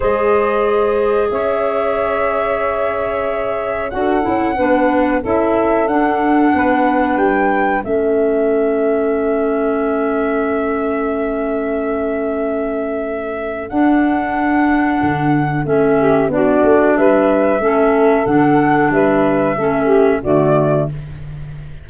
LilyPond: <<
  \new Staff \with { instrumentName = "flute" } { \time 4/4 \tempo 4 = 92 dis''2 e''2~ | e''2 fis''2 | e''4 fis''2 g''4 | e''1~ |
e''1~ | e''4 fis''2. | e''4 d''4 e''2 | fis''4 e''2 d''4 | }
  \new Staff \with { instrumentName = "saxophone" } { \time 4/4 c''2 cis''2~ | cis''2 a'4 b'4 | a'2 b'2 | a'1~ |
a'1~ | a'1~ | a'8 g'8 fis'4 b'4 a'4~ | a'4 b'4 a'8 g'8 fis'4 | }
  \new Staff \with { instrumentName = "clarinet" } { \time 4/4 gis'1~ | gis'2 fis'8 e'8 d'4 | e'4 d'2. | cis'1~ |
cis'1~ | cis'4 d'2. | cis'4 d'2 cis'4 | d'2 cis'4 a4 | }
  \new Staff \with { instrumentName = "tuba" } { \time 4/4 gis2 cis'2~ | cis'2 d'8 cis'8 b4 | cis'4 d'4 b4 g4 | a1~ |
a1~ | a4 d'2 d4 | a4 b8 a8 g4 a4 | d4 g4 a4 d4 | }
>>